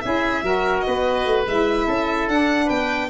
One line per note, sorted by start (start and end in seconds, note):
0.00 0.42 C#4
0.00 0.43 E4
0.00 0.44 G#4
0.00 0.80 E5
0.42 0.83 F#3
0.42 1.45 F#4
0.42 0.85 A#4
0.80 1.41 D#5
0.86 1.25 B3
0.86 1.86 B4
1.25 1.46 A3
1.46 1.87 G#3
1.46 2.30 E4
1.46 2.28 E5
1.86 2.28 C#4
1.86 2.65 A4
2.28 2.69 D4
2.28 3.10 D4
2.28 2.69 F#5
2.65 3.10 B3
2.65 3.06 B4
2.65 3.10 G5